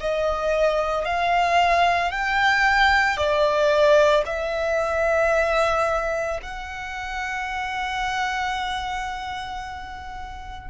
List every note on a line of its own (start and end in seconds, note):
0.00 1.05 D#5
1.05 2.11 F5
2.11 3.17 G5
3.17 4.24 D5
4.26 6.40 E5
6.42 10.70 F#5